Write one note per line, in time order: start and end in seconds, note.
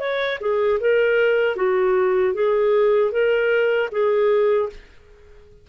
0.00 0.39 C#5
0.41 0.80 G#4
0.80 1.56 A#4
1.56 2.34 F#4
2.34 3.12 G#4
3.12 3.90 A#4
3.92 4.70 G#4